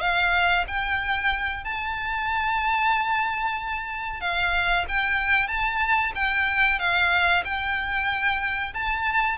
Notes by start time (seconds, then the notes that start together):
0.00 F5
0.67 G5
1.64 A5
4.20 F5
4.88 G5
5.47 A5
6.14 G5
6.79 F5
7.44 G5
8.73 A5